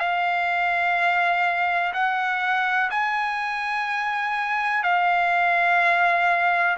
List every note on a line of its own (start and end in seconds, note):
0.00 1.94 F5
1.94 2.91 F#5
2.91 4.83 G#5
4.83 6.77 F5